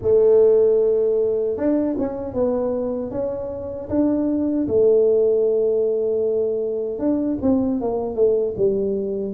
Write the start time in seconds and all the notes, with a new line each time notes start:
0.02 A3
1.57 D4
1.98 C#4
2.33 B3
3.11 C#4
3.89 D4
4.68 A3
6.98 D4
7.41 C4
7.81 A#3
8.15 A3
8.56 G3